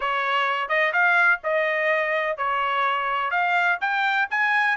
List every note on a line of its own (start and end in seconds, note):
0.00 0.68 C#5
0.68 0.92 D#5
0.93 1.40 F5
1.43 2.37 D#5
2.37 3.31 C#5
3.31 3.78 F5
3.80 4.28 G5
4.30 4.77 G#5